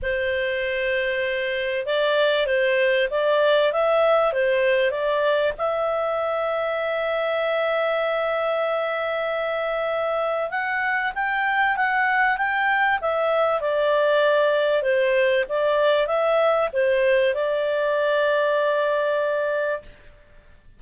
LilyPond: \new Staff \with { instrumentName = "clarinet" } { \time 4/4 \tempo 4 = 97 c''2. d''4 | c''4 d''4 e''4 c''4 | d''4 e''2.~ | e''1~ |
e''4 fis''4 g''4 fis''4 | g''4 e''4 d''2 | c''4 d''4 e''4 c''4 | d''1 | }